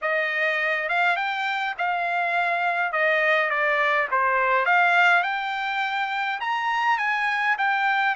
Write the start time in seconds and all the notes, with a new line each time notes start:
0.01 D#5
0.89 F5
1.16 G5
1.78 F5
2.92 D#5
3.50 D5
4.11 C5
4.65 F5
5.23 G5
6.40 A#5
6.98 G#5
7.58 G5